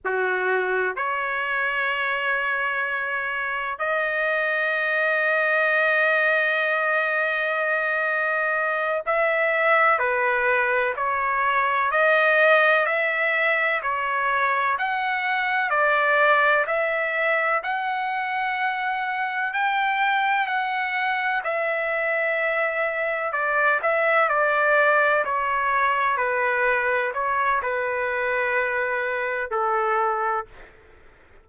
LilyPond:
\new Staff \with { instrumentName = "trumpet" } { \time 4/4 \tempo 4 = 63 fis'4 cis''2. | dis''1~ | dis''4. e''4 b'4 cis''8~ | cis''8 dis''4 e''4 cis''4 fis''8~ |
fis''8 d''4 e''4 fis''4.~ | fis''8 g''4 fis''4 e''4.~ | e''8 d''8 e''8 d''4 cis''4 b'8~ | b'8 cis''8 b'2 a'4 | }